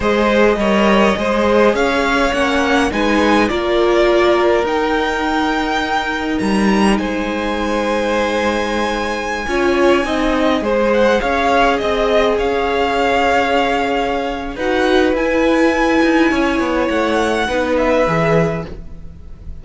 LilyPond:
<<
  \new Staff \with { instrumentName = "violin" } { \time 4/4 \tempo 4 = 103 dis''2. f''4 | fis''4 gis''4 d''2 | g''2. ais''4 | gis''1~ |
gis''2~ gis''8. fis''8 f''8.~ | f''16 dis''4 f''2~ f''8.~ | f''4 fis''4 gis''2~ | gis''4 fis''4. e''4. | }
  \new Staff \with { instrumentName = "violin" } { \time 4/4 c''4 cis''4 c''4 cis''4~ | cis''4 b'4 ais'2~ | ais'1 | c''1~ |
c''16 cis''4 dis''4 c''4 cis''8.~ | cis''16 dis''4 cis''2~ cis''8.~ | cis''4 b'2. | cis''2 b'2 | }
  \new Staff \with { instrumentName = "viola" } { \time 4/4 gis'4 ais'4 gis'2 | cis'4 dis'4 f'2 | dis'1~ | dis'1~ |
dis'16 f'4 dis'4 gis'4.~ gis'16~ | gis'1~ | gis'4 fis'4 e'2~ | e'2 dis'4 gis'4 | }
  \new Staff \with { instrumentName = "cello" } { \time 4/4 gis4 g4 gis4 cis'4 | ais4 gis4 ais2 | dis'2. g4 | gis1~ |
gis16 cis'4 c'4 gis4 cis'8.~ | cis'16 c'4 cis'2~ cis'8.~ | cis'4 dis'4 e'4. dis'8 | cis'8 b8 a4 b4 e4 | }
>>